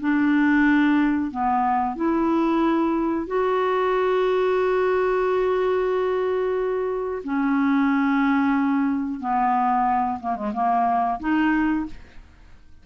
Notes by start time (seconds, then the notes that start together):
0.00 D4
1.31 B3
1.95 E4
3.27 F#4
7.23 C#4
9.20 B3
10.19 A#3
10.35 G#3
10.53 A#3
11.19 D#4